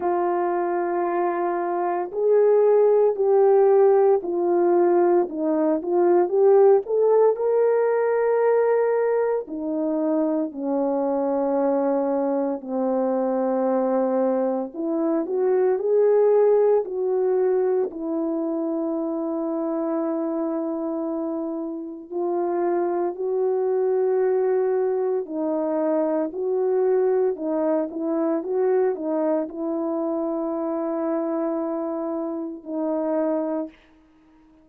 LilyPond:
\new Staff \with { instrumentName = "horn" } { \time 4/4 \tempo 4 = 57 f'2 gis'4 g'4 | f'4 dis'8 f'8 g'8 a'8 ais'4~ | ais'4 dis'4 cis'2 | c'2 e'8 fis'8 gis'4 |
fis'4 e'2.~ | e'4 f'4 fis'2 | dis'4 fis'4 dis'8 e'8 fis'8 dis'8 | e'2. dis'4 | }